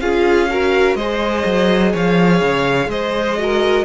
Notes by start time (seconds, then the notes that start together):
0.00 C#4 F4 G#4 F5
0.50 F#4 A#4
0.95 G#3 C5 D#5
1.02 G#4
1.45 F#3
1.92 F3 C#5 F5
2.41 C#3
2.87 G#3 C5 D#5
3.39 F#4 A#4